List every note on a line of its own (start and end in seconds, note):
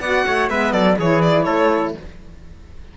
0.00 0.24 B3
0.00 0.49 F#4
0.00 0.25 D5
0.00 0.49 F#5
0.26 0.50 A3
0.26 0.50 C#5
0.49 0.73 G#3
0.49 0.98 B3
0.49 0.72 B4
0.49 0.72 E5
0.72 0.97 F#3
0.72 0.97 A4
0.72 0.96 D5
0.99 1.46 E3
0.99 1.97 E4
0.99 1.45 G#4
0.99 1.22 C#5
1.22 1.44 D5
1.44 1.94 A3
1.44 1.93 A4
1.44 1.93 C#5